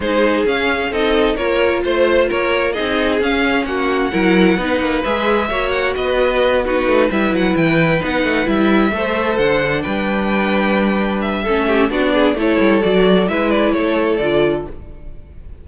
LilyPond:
<<
  \new Staff \with { instrumentName = "violin" } { \time 4/4 \tempo 4 = 131 c''4 f''4 dis''4 cis''4 | c''4 cis''4 dis''4 f''4 | fis''2. e''4~ | e''8 fis''8 dis''4. b'4 e''8 |
fis''8 g''4 fis''4 e''4.~ | e''8 fis''4 g''2~ g''8~ | g''8 e''4. d''4 cis''4 | d''4 e''8 d''8 cis''4 d''4 | }
  \new Staff \with { instrumentName = "violin" } { \time 4/4 gis'2 a'4 ais'4 | c''4 ais'4 gis'2 | fis'4 ais'4 b'2 | cis''4 b'4. fis'4 b'8~ |
b'2.~ b'8 c''8~ | c''4. b'2~ b'8~ | b'4 a'8 g'8 fis'8 gis'8 a'4~ | a'4 b'4 a'2 | }
  \new Staff \with { instrumentName = "viola" } { \time 4/4 dis'4 cis'4 dis'4 f'4~ | f'2 dis'4 cis'4~ | cis'4 e'4 dis'4 gis'4 | fis'2~ fis'8 dis'4 e'8~ |
e'4. dis'4 e'4 a'8~ | a'4 d'2.~ | d'4 cis'4 d'4 e'4 | fis'4 e'2 f'4 | }
  \new Staff \with { instrumentName = "cello" } { \time 4/4 gis4 cis'4 c'4 ais4 | a4 ais4 c'4 cis'4 | ais4 fis4 b8 ais8 gis4 | ais4 b2 a8 g8 |
fis8 e4 b8 a8 g4 a8~ | a8 d4 g2~ g8~ | g4 a4 b4 a8 g8 | fis4 gis4 a4 d4 | }
>>